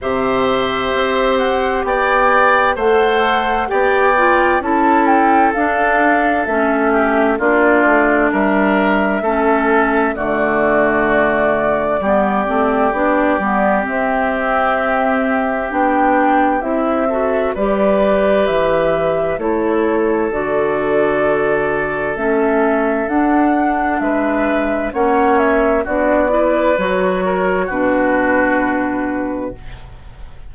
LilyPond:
<<
  \new Staff \with { instrumentName = "flute" } { \time 4/4 \tempo 4 = 65 e''4. fis''8 g''4 fis''4 | g''4 a''8 g''8 f''4 e''4 | d''4 e''2 d''4~ | d''2. e''4~ |
e''4 g''4 e''4 d''4 | e''4 cis''4 d''2 | e''4 fis''4 e''4 fis''8 e''8 | d''4 cis''4 b'2 | }
  \new Staff \with { instrumentName = "oboe" } { \time 4/4 c''2 d''4 c''4 | d''4 a'2~ a'8 g'8 | f'4 ais'4 a'4 fis'4~ | fis'4 g'2.~ |
g'2~ g'8 a'8 b'4~ | b'4 a'2.~ | a'2 b'4 cis''4 | fis'8 b'4 ais'8 fis'2 | }
  \new Staff \with { instrumentName = "clarinet" } { \time 4/4 g'2. a'4 | g'8 f'8 e'4 d'4 cis'4 | d'2 cis'4 a4~ | a4 b8 c'8 d'8 b8 c'4~ |
c'4 d'4 e'8 fis'8 g'4~ | g'4 e'4 fis'2 | cis'4 d'2 cis'4 | d'8 e'8 fis'4 d'2 | }
  \new Staff \with { instrumentName = "bassoon" } { \time 4/4 c4 c'4 b4 a4 | b4 cis'4 d'4 a4 | ais8 a8 g4 a4 d4~ | d4 g8 a8 b8 g8 c'4~ |
c'4 b4 c'4 g4 | e4 a4 d2 | a4 d'4 gis4 ais4 | b4 fis4 b,2 | }
>>